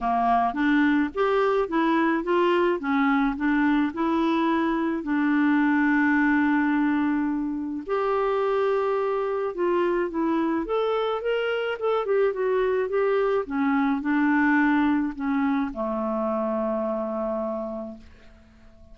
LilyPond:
\new Staff \with { instrumentName = "clarinet" } { \time 4/4 \tempo 4 = 107 ais4 d'4 g'4 e'4 | f'4 cis'4 d'4 e'4~ | e'4 d'2.~ | d'2 g'2~ |
g'4 f'4 e'4 a'4 | ais'4 a'8 g'8 fis'4 g'4 | cis'4 d'2 cis'4 | a1 | }